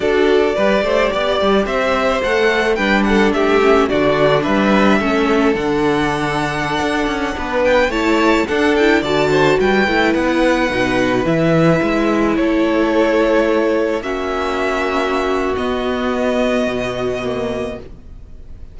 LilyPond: <<
  \new Staff \with { instrumentName = "violin" } { \time 4/4 \tempo 4 = 108 d''2. e''4 | fis''4 g''8 fis''8 e''4 d''4 | e''2 fis''2~ | fis''4.~ fis''16 g''8 a''4 fis''8 g''16~ |
g''16 a''4 g''4 fis''4.~ fis''16~ | fis''16 e''2 cis''4.~ cis''16~ | cis''4~ cis''16 e''2~ e''8. | dis''1 | }
  \new Staff \with { instrumentName = "violin" } { \time 4/4 a'4 b'8 c''8 d''4 c''4~ | c''4 b'8 a'8 g'4 fis'4 | b'4 a'2.~ | a'4~ a'16 b'4 cis''4 a'8.~ |
a'16 d''8 c''8 b'2~ b'8.~ | b'2~ b'16 a'4.~ a'16~ | a'4~ a'16 fis'2~ fis'8.~ | fis'1 | }
  \new Staff \with { instrumentName = "viola" } { \time 4/4 fis'4 g'2. | a'4 d'4. cis'8 d'4~ | d'4 cis'4 d'2~ | d'2~ d'16 e'4 d'8 e'16~ |
e'16 fis'4. e'4. dis'8.~ | dis'16 e'2.~ e'8.~ | e'4~ e'16 cis'2~ cis'8. | b2. ais4 | }
  \new Staff \with { instrumentName = "cello" } { \time 4/4 d'4 g8 a8 b8 g8 c'4 | a4 g4 a4 d4 | g4 a4 d2~ | d16 d'8 cis'8 b4 a4 d'8.~ |
d'16 d4 g8 a8 b4 b,8.~ | b,16 e4 gis4 a4.~ a16~ | a4~ a16 ais2~ ais8. | b2 b,2 | }
>>